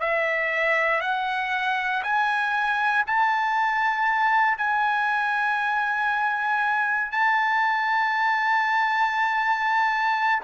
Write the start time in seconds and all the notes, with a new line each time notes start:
0.00 E5
1.01 F#5
2.03 G#5
3.07 A5
4.58 G#5
7.12 A5